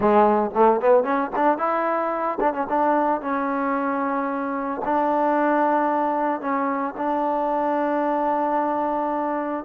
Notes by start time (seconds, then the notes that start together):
0.00 G#3
0.54 A3
0.80 B3
1.03 C#4
1.35 D4
1.58 E4
2.40 D4
2.53 C#4
2.69 D4
3.21 C#4
4.84 D4
6.40 C#4
6.97 D4